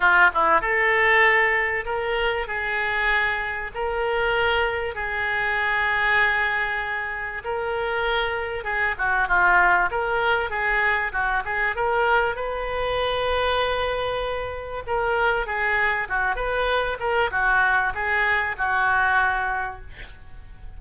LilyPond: \new Staff \with { instrumentName = "oboe" } { \time 4/4 \tempo 4 = 97 f'8 e'8 a'2 ais'4 | gis'2 ais'2 | gis'1 | ais'2 gis'8 fis'8 f'4 |
ais'4 gis'4 fis'8 gis'8 ais'4 | b'1 | ais'4 gis'4 fis'8 b'4 ais'8 | fis'4 gis'4 fis'2 | }